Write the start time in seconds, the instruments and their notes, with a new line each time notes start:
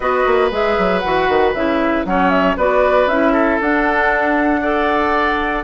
0.00 bassoon B3, clarinet F#4, oboe B4, flute D#5
0.26 bassoon A#3
0.51 bassoon G#3, clarinet G#4, flute E5
0.78 bassoon F#3
0.99 bassoon E3, clarinet F#4, flute F#5
1.28 bassoon D#3
1.54 bassoon C#3, clarinet E4, flute E5
2.04 bassoon F#3, clarinet C#4, oboe C#5, flute F#5
2.29 flute E5
2.56 bassoon B3, clarinet F#4, oboe B4, flute D5
3.07 bassoon C#4, clarinet E4, flute E5
3.32 oboe A4
3.61 bassoon D4, clarinet D4, flute F#5
4.62 clarinet A4, oboe D5